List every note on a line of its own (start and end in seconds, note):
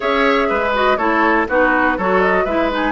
0.00 0.50 C#4
0.00 0.71 G#4
0.00 0.48 C#5
0.00 0.74 E5
0.49 0.97 G#3
0.49 0.98 B4
0.73 0.98 F#4
0.73 0.97 D#5
0.97 1.46 A3
0.97 1.48 E4
0.97 1.47 A4
0.97 1.46 C#5
1.48 1.97 B3
1.48 1.98 D#4
1.48 1.97 F#4
1.48 1.98 B4
1.97 2.45 F#3
1.97 2.47 F#4
1.97 2.44 A4
1.97 2.21 C#5
2.21 2.45 D#5
2.44 2.91 G#3
2.44 2.71 E4
2.44 2.91 B4
2.44 2.70 E5
2.71 2.91 D#4
2.71 2.91 G#5